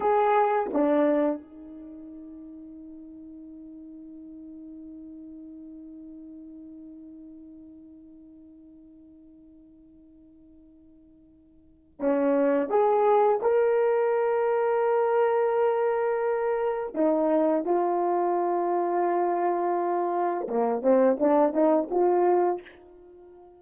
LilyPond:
\new Staff \with { instrumentName = "horn" } { \time 4/4 \tempo 4 = 85 gis'4 d'4 dis'2~ | dis'1~ | dis'1~ | dis'1~ |
dis'4 cis'4 gis'4 ais'4~ | ais'1 | dis'4 f'2.~ | f'4 ais8 c'8 d'8 dis'8 f'4 | }